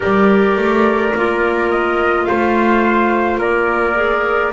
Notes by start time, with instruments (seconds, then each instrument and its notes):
0.00 double bass G3, clarinet G4, trumpet A#4, flute D5
0.56 double bass A3
1.15 double bass A#3, clarinet F4
1.70 flute D#5
2.24 double bass A3, trumpet C5, flute F5
3.38 double bass A#3, trumpet A#4, flute D5
3.95 clarinet G#4